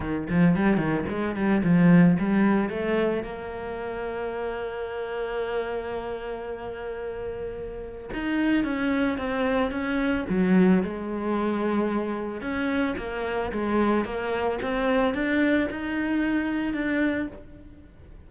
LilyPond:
\new Staff \with { instrumentName = "cello" } { \time 4/4 \tempo 4 = 111 dis8 f8 g8 dis8 gis8 g8 f4 | g4 a4 ais2~ | ais1~ | ais2. dis'4 |
cis'4 c'4 cis'4 fis4 | gis2. cis'4 | ais4 gis4 ais4 c'4 | d'4 dis'2 d'4 | }